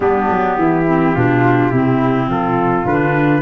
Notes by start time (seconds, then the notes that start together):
0.00 G3 B3 D4 G4
0.29 F#3
0.57 E3 E4
0.87 C4
1.14 B2 D4 F4
1.71 C3 C4 E4
2.27 F3 F4 A4
2.85 D3 D4 B4